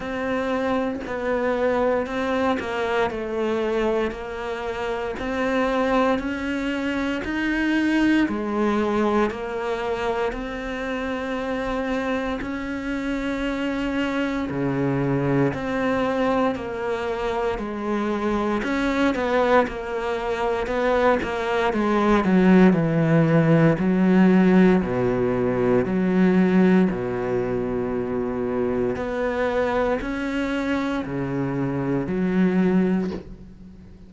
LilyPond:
\new Staff \with { instrumentName = "cello" } { \time 4/4 \tempo 4 = 58 c'4 b4 c'8 ais8 a4 | ais4 c'4 cis'4 dis'4 | gis4 ais4 c'2 | cis'2 cis4 c'4 |
ais4 gis4 cis'8 b8 ais4 | b8 ais8 gis8 fis8 e4 fis4 | b,4 fis4 b,2 | b4 cis'4 cis4 fis4 | }